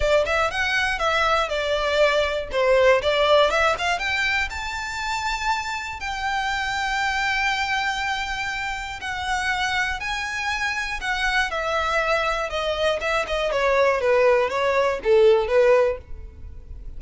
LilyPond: \new Staff \with { instrumentName = "violin" } { \time 4/4 \tempo 4 = 120 d''8 e''8 fis''4 e''4 d''4~ | d''4 c''4 d''4 e''8 f''8 | g''4 a''2. | g''1~ |
g''2 fis''2 | gis''2 fis''4 e''4~ | e''4 dis''4 e''8 dis''8 cis''4 | b'4 cis''4 a'4 b'4 | }